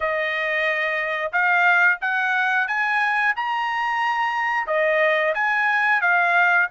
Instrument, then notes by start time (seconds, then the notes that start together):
trumpet
0.00 D#5
1.32 F5
2.01 F#5
2.67 G#5
3.35 A#5
4.66 D#5
5.34 G#5
6.01 F5